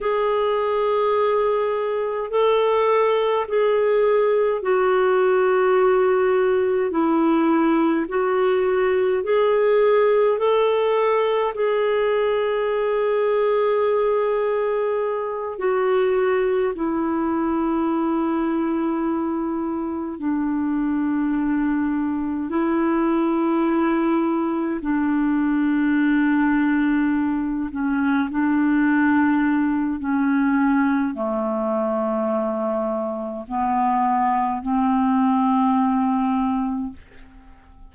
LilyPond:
\new Staff \with { instrumentName = "clarinet" } { \time 4/4 \tempo 4 = 52 gis'2 a'4 gis'4 | fis'2 e'4 fis'4 | gis'4 a'4 gis'2~ | gis'4. fis'4 e'4.~ |
e'4. d'2 e'8~ | e'4. d'2~ d'8 | cis'8 d'4. cis'4 a4~ | a4 b4 c'2 | }